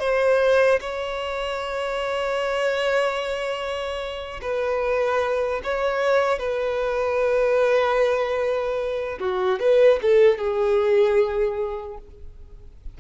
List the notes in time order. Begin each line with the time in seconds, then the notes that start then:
0.00 C5
0.81 C#5
4.42 B4
5.64 C#5
6.39 B4
9.20 F#4
9.60 B4
10.03 A4
10.39 G#4